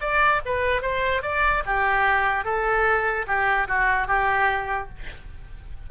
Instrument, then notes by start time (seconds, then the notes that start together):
oboe
0.00 D5
0.45 B4
0.81 C5
1.22 D5
1.65 G4
2.44 A4
3.27 G4
3.67 F#4
4.07 G4